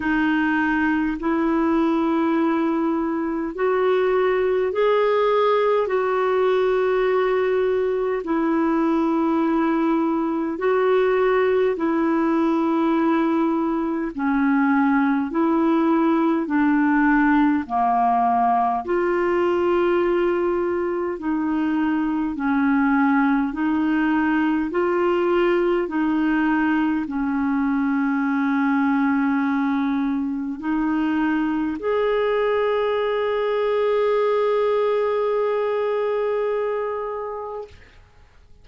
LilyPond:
\new Staff \with { instrumentName = "clarinet" } { \time 4/4 \tempo 4 = 51 dis'4 e'2 fis'4 | gis'4 fis'2 e'4~ | e'4 fis'4 e'2 | cis'4 e'4 d'4 ais4 |
f'2 dis'4 cis'4 | dis'4 f'4 dis'4 cis'4~ | cis'2 dis'4 gis'4~ | gis'1 | }